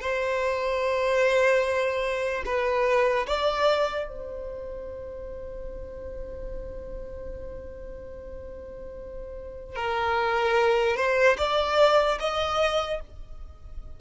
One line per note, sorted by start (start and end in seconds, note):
0.00 2.43 C5
2.45 3.26 B4
3.27 4.08 D5
4.08 9.76 C5
9.76 10.96 A#4
10.96 11.37 C5
11.37 12.18 D5
12.19 13.00 D#5